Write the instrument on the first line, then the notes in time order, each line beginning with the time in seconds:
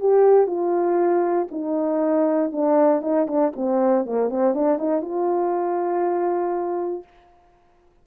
horn
0.00 G4
0.47 F4
1.51 D#4
2.52 D4
3.01 D#4
3.27 D4
3.56 C4
4.06 A#3
4.29 C4
4.54 D4
4.78 D#4
5.01 F4